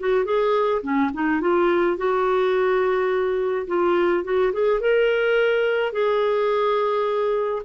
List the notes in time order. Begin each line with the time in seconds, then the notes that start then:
0.00 F#4
0.25 G#4
0.82 C#4
1.14 D#4
1.41 F4
1.97 F#4
3.67 F4
4.24 F#4
4.53 G#4
4.81 A#4
5.93 G#4